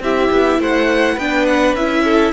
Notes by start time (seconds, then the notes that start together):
0.00 C4 E4 G4 E5
0.32 B3
0.58 A3 C5 F#5
1.15 B3 D4 B4 G5
1.46 F#5
1.75 C#4 E4 E5
2.04 A4